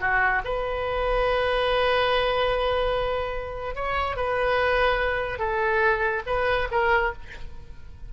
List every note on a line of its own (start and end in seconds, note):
0.00 0.42 F#4
0.44 3.75 B4
3.75 4.16 C#5
4.16 5.39 B4
5.39 6.22 A4
6.26 6.68 B4
6.71 7.12 A#4